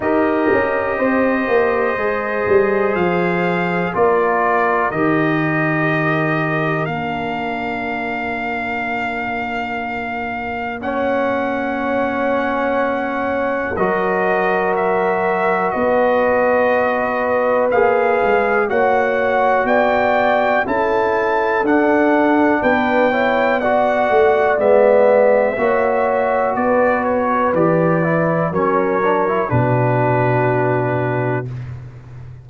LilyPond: <<
  \new Staff \with { instrumentName = "trumpet" } { \time 4/4 \tempo 4 = 61 dis''2. f''4 | d''4 dis''2 f''4~ | f''2. fis''4~ | fis''2 dis''4 e''4 |
dis''2 f''4 fis''4 | g''4 a''4 fis''4 g''4 | fis''4 e''2 d''8 cis''8 | d''4 cis''4 b'2 | }
  \new Staff \with { instrumentName = "horn" } { \time 4/4 ais'4 c''2. | ais'1~ | ais'2. cis''4~ | cis''2 ais'2 |
b'2. cis''4 | d''4 a'2 b'8 cis''8 | d''2 cis''4 b'4~ | b'4 ais'4 fis'2 | }
  \new Staff \with { instrumentName = "trombone" } { \time 4/4 g'2 gis'2 | f'4 g'2 d'4~ | d'2. cis'4~ | cis'2 fis'2~ |
fis'2 gis'4 fis'4~ | fis'4 e'4 d'4. e'8 | fis'4 b4 fis'2 | g'8 e'8 cis'8 d'16 e'16 d'2 | }
  \new Staff \with { instrumentName = "tuba" } { \time 4/4 dis'8 cis'8 c'8 ais8 gis8 g8 f4 | ais4 dis2 ais4~ | ais1~ | ais2 fis2 |
b2 ais8 gis8 ais4 | b4 cis'4 d'4 b4~ | b8 a8 gis4 ais4 b4 | e4 fis4 b,2 | }
>>